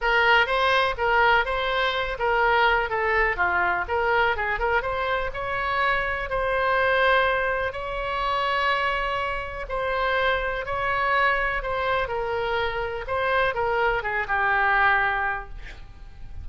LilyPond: \new Staff \with { instrumentName = "oboe" } { \time 4/4 \tempo 4 = 124 ais'4 c''4 ais'4 c''4~ | c''8 ais'4. a'4 f'4 | ais'4 gis'8 ais'8 c''4 cis''4~ | cis''4 c''2. |
cis''1 | c''2 cis''2 | c''4 ais'2 c''4 | ais'4 gis'8 g'2~ g'8 | }